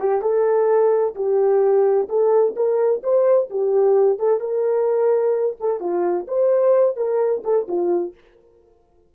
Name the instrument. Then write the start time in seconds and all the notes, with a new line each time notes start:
horn
0.00 G4
0.22 A4
1.16 G4
2.09 A4
2.57 A#4
3.04 C5
3.51 G4
4.19 A4
4.41 A#4
5.61 A4
5.81 F4
6.28 C5
6.97 A#4
7.45 A4
7.68 F4